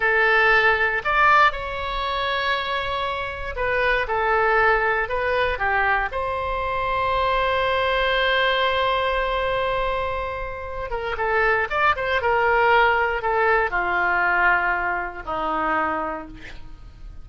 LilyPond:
\new Staff \with { instrumentName = "oboe" } { \time 4/4 \tempo 4 = 118 a'2 d''4 cis''4~ | cis''2. b'4 | a'2 b'4 g'4 | c''1~ |
c''1~ | c''4. ais'8 a'4 d''8 c''8 | ais'2 a'4 f'4~ | f'2 dis'2 | }